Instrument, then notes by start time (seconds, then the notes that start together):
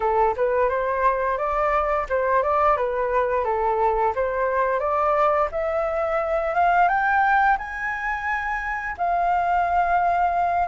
flute
0.00 A4
0.36 B4
0.69 C5
1.37 D5
2.09 C5
2.42 D5
2.76 B4
3.44 A4
4.15 C5
4.79 D5
5.51 E5
6.54 F5
6.88 G5
7.58 G#5
8.97 F5